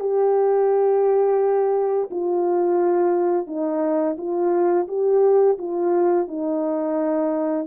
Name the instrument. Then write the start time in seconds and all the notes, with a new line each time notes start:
horn
0.00 G4
2.11 F4
3.47 D#4
4.18 F4
4.88 G4
5.58 F4
6.28 D#4